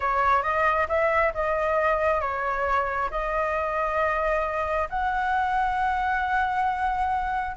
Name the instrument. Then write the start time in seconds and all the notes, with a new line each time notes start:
flute
0.00 C#5
0.42 D#5
0.88 E5
1.34 D#5
2.20 C#5
3.10 D#5
4.89 F#5